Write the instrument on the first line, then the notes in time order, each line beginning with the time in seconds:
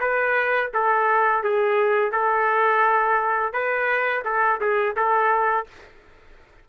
trumpet
0.00 B4
0.74 A4
1.43 G#4
2.12 A4
3.53 B4
4.25 A4
4.61 G#4
4.96 A4